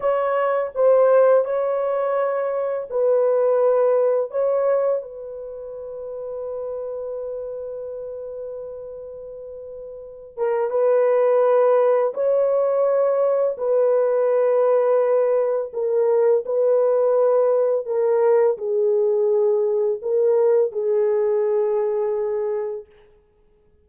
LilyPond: \new Staff \with { instrumentName = "horn" } { \time 4/4 \tempo 4 = 84 cis''4 c''4 cis''2 | b'2 cis''4 b'4~ | b'1~ | b'2~ b'8 ais'8 b'4~ |
b'4 cis''2 b'4~ | b'2 ais'4 b'4~ | b'4 ais'4 gis'2 | ais'4 gis'2. | }